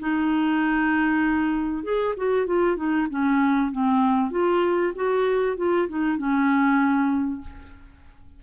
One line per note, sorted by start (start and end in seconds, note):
0.00 1.84 D#4
1.84 2.15 G#4
2.17 2.47 F#4
2.47 2.77 F4
2.77 3.08 D#4
3.10 3.72 C#4
3.72 4.31 C4
4.31 4.93 F4
4.95 5.57 F#4
5.57 5.88 F4
5.89 6.18 D#4
6.18 7.41 C#4